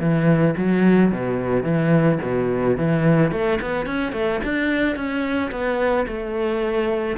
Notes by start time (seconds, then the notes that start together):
0.00 E3
0.58 F#3
1.12 B2
1.63 E3
2.22 B2
2.77 E3
3.32 A3
3.62 B3
3.86 C#4
4.13 A3
4.45 D4
4.96 C#4
5.51 B3
6.08 A3